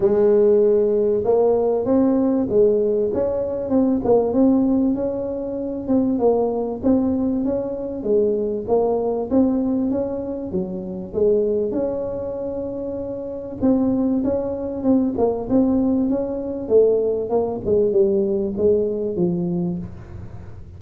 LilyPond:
\new Staff \with { instrumentName = "tuba" } { \time 4/4 \tempo 4 = 97 gis2 ais4 c'4 | gis4 cis'4 c'8 ais8 c'4 | cis'4. c'8 ais4 c'4 | cis'4 gis4 ais4 c'4 |
cis'4 fis4 gis4 cis'4~ | cis'2 c'4 cis'4 | c'8 ais8 c'4 cis'4 a4 | ais8 gis8 g4 gis4 f4 | }